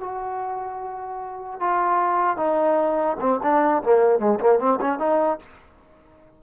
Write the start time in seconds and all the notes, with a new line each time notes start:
0.00 F#4
1.60 F4
2.37 D#4
3.20 C4
3.43 D4
3.83 A#3
4.19 G#3
4.40 A#3
4.59 C4
4.81 C#4
4.99 D#4